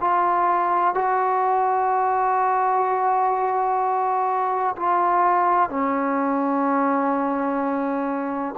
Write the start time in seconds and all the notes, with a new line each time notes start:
0.00 F4
0.94 F#4
4.76 F4
5.69 C#4